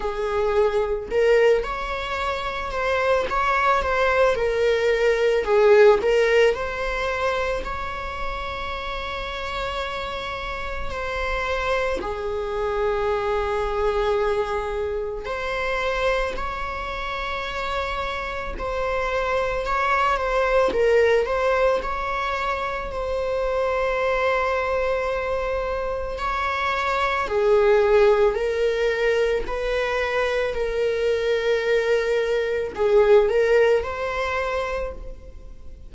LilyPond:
\new Staff \with { instrumentName = "viola" } { \time 4/4 \tempo 4 = 55 gis'4 ais'8 cis''4 c''8 cis''8 c''8 | ais'4 gis'8 ais'8 c''4 cis''4~ | cis''2 c''4 gis'4~ | gis'2 c''4 cis''4~ |
cis''4 c''4 cis''8 c''8 ais'8 c''8 | cis''4 c''2. | cis''4 gis'4 ais'4 b'4 | ais'2 gis'8 ais'8 c''4 | }